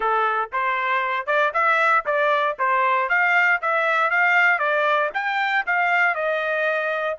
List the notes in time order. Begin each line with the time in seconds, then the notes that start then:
0.00 A4
0.52 C5
1.26 D5
1.53 E5
2.05 D5
2.59 C5
3.09 F5
3.61 E5
4.10 F5
4.58 D5
5.14 G5
5.66 F5
6.14 D#5